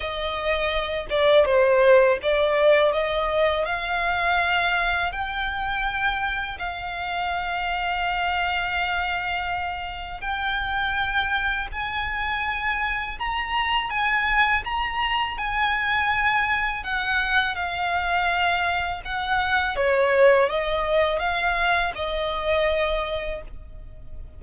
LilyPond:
\new Staff \with { instrumentName = "violin" } { \time 4/4 \tempo 4 = 82 dis''4. d''8 c''4 d''4 | dis''4 f''2 g''4~ | g''4 f''2.~ | f''2 g''2 |
gis''2 ais''4 gis''4 | ais''4 gis''2 fis''4 | f''2 fis''4 cis''4 | dis''4 f''4 dis''2 | }